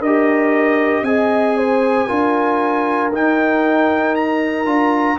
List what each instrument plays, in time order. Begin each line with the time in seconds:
0.00 tuba D4, horn A#4, trumpet D#5
0.06 trombone G4
1.03 tuba C4, trombone G#4, horn D#5, trumpet G#5
1.58 horn C5
2.07 tuba D4, trombone F4, horn A#4
3.12 tuba D#4, trombone D#4, trumpet G5
4.16 trumpet A#5
4.66 tuba D4, trombone F4